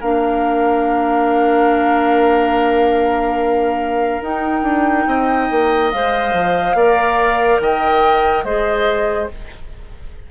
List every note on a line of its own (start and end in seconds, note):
0.00 4.21 A#3
0.00 4.22 D4
0.00 5.07 A#4
0.00 4.23 F5
4.21 4.63 D#4
4.21 5.91 D#4
4.21 5.91 G5
4.63 5.05 D4
5.07 5.49 C4
5.07 6.76 D#5
5.51 5.93 A#3
5.91 6.33 G#3
5.91 6.77 C5
5.91 7.60 F5
6.33 6.74 F3
6.74 7.59 A#3
6.74 8.46 A#4
6.74 7.61 D5
7.59 8.43 D#3
7.59 8.45 D#5
7.59 8.44 G5
8.43 9.28 G#3
8.43 9.31 G#4
8.43 9.29 C5
8.43 9.28 D#5